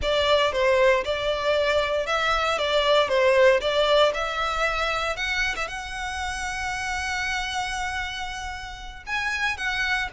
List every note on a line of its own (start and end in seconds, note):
0.01 0.52 D5
0.52 1.03 C5
1.04 2.06 D5
2.06 2.58 E5
2.58 3.08 D5
3.08 3.60 C5
3.60 4.12 D5
4.14 5.16 E5
5.16 5.55 F#5
5.56 5.67 E5
5.67 9.03 F#5
9.06 9.57 G#5
9.57 10.08 F#5